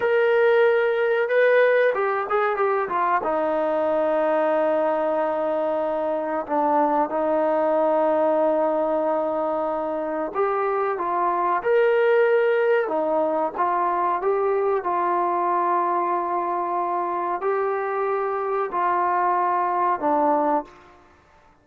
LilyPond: \new Staff \with { instrumentName = "trombone" } { \time 4/4 \tempo 4 = 93 ais'2 b'4 g'8 gis'8 | g'8 f'8 dis'2.~ | dis'2 d'4 dis'4~ | dis'1 |
g'4 f'4 ais'2 | dis'4 f'4 g'4 f'4~ | f'2. g'4~ | g'4 f'2 d'4 | }